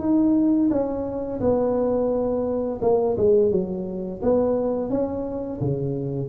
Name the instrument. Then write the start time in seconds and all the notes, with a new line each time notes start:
tuba
0.00 D#4
0.70 C#4
1.40 B3
2.82 A#3
3.17 G#3
3.51 F#3
4.22 B3
4.90 C#4
5.61 C#3